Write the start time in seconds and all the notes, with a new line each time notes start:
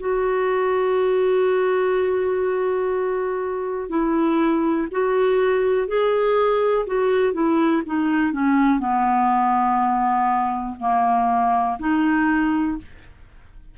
0.00 F#4
3.89 E4
4.92 F#4
5.88 G#4
6.87 F#4
7.34 E4
7.86 D#4
8.33 C#4
8.79 B3
10.80 A#3
11.80 D#4